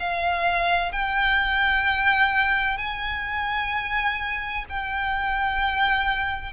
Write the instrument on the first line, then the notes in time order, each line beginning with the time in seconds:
violin
0.00 F5
0.92 G5
2.78 G#5
4.70 G5